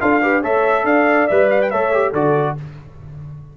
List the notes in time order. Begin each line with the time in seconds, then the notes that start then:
0.00 D4 F4 A4 F5
0.22 G4 B4
0.41 A3 A4 C#5 E5
0.84 D4 D5 F5
1.27 G3 B4 E5
1.50 F5
1.61 G5
1.70 A3 A4 C#5 E5
1.92 G4
2.11 D3 F#4 A4 D5